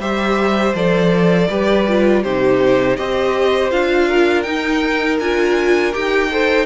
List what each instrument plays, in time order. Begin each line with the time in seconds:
0.00 cello G3, viola G4, violin C5 E5
0.75 cello F3, viola A4, violin D5
1.50 cello G3, viola G4, violin B4
1.89 viola F4
2.24 cello C3, viola D#4, violin G4 C5
2.97 cello C4, viola G4, violin C5 D#5
3.71 cello D4, viola F4, violin F5
4.09 violin A#4
4.43 viola D#4, cello D#4, violin G5
5.20 cello D4, viola F4, violin G#5
5.93 cello D#4, viola G4, violin G5
6.31 viola A4, violin C5